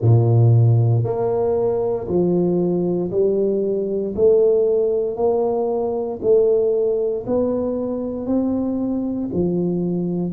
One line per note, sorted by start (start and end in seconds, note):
0.01 1.03 A#2
1.03 2.07 A#3
2.07 3.10 F3
3.11 4.14 G3
4.15 5.16 A3
5.16 6.19 A#3
6.22 7.25 A3
7.26 8.26 B3
8.26 9.29 C4
9.33 10.32 F3